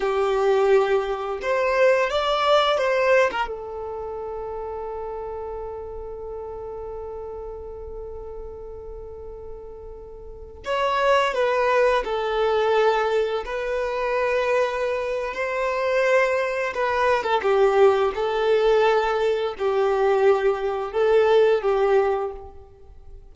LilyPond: \new Staff \with { instrumentName = "violin" } { \time 4/4 \tempo 4 = 86 g'2 c''4 d''4 | c''8. ais'16 a'2.~ | a'1~ | a'2.~ a'16 cis''8.~ |
cis''16 b'4 a'2 b'8.~ | b'2 c''2 | b'8. a'16 g'4 a'2 | g'2 a'4 g'4 | }